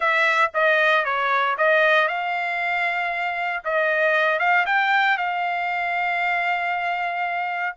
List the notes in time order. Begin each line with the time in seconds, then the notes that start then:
0.00 E5
0.54 D#5
1.04 C#5
1.57 D#5
2.07 F5
3.64 D#5
4.39 F5
4.66 G5
5.17 F5